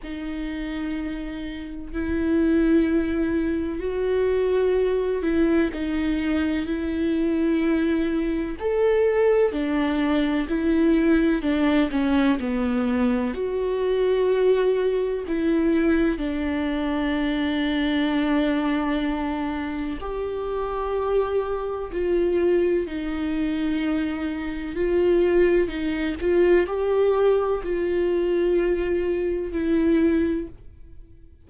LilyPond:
\new Staff \with { instrumentName = "viola" } { \time 4/4 \tempo 4 = 63 dis'2 e'2 | fis'4. e'8 dis'4 e'4~ | e'4 a'4 d'4 e'4 | d'8 cis'8 b4 fis'2 |
e'4 d'2.~ | d'4 g'2 f'4 | dis'2 f'4 dis'8 f'8 | g'4 f'2 e'4 | }